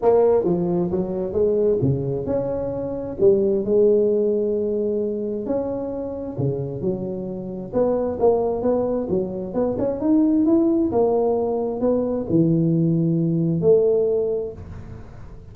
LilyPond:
\new Staff \with { instrumentName = "tuba" } { \time 4/4 \tempo 4 = 132 ais4 f4 fis4 gis4 | cis4 cis'2 g4 | gis1 | cis'2 cis4 fis4~ |
fis4 b4 ais4 b4 | fis4 b8 cis'8 dis'4 e'4 | ais2 b4 e4~ | e2 a2 | }